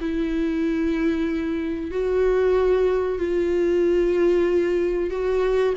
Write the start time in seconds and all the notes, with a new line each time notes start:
0.00 E4
1.91 F#4
3.19 F4
5.10 F#4